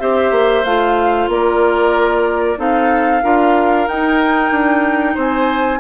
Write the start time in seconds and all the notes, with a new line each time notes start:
0.00 C4 G4 C5 E5
0.31 A#3
0.65 A3 F4 F5
1.28 A#3 A#4 D5
2.57 C4 D#4 A4 F5
3.23 D4 F4 A#4
3.88 D#4 G5
4.51 D4
5.14 C4 C5 G#5